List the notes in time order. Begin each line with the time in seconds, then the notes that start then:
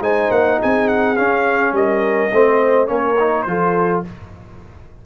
0.00 G#3 D#4 C5 G#5
0.30 A#3 F#5
0.59 C4 G#4 G#5
0.88 F#5
1.16 C#4 F5
1.72 G3 A#4 D#5
2.32 A3 C4 C5
2.87 A#3 C#4 A#4 C#5
3.20 D#4
3.42 F3 F4 A4 C5